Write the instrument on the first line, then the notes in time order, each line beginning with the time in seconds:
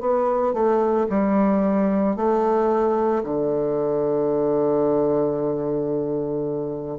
bassoon
0.00 B3
0.54 A3
1.10 G3
2.16 A3
3.24 D3